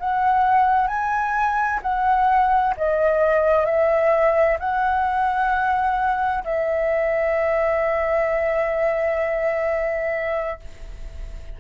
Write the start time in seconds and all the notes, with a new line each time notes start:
0.00 F#5
0.88 G#5
1.83 F#5
2.77 D#5
3.66 E5
4.59 F#5
6.44 E5